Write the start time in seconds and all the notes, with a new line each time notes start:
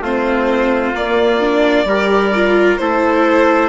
0.00 A3 C4 F4 C5
0.95 A#3 D5
1.40 D4
1.85 G3 G4 A#4
2.34 F4
2.77 A3 E4 A4 C5